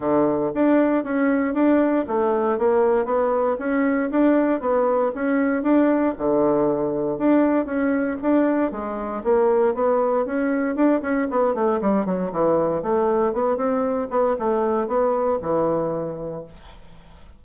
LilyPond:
\new Staff \with { instrumentName = "bassoon" } { \time 4/4 \tempo 4 = 117 d4 d'4 cis'4 d'4 | a4 ais4 b4 cis'4 | d'4 b4 cis'4 d'4 | d2 d'4 cis'4 |
d'4 gis4 ais4 b4 | cis'4 d'8 cis'8 b8 a8 g8 fis8 | e4 a4 b8 c'4 b8 | a4 b4 e2 | }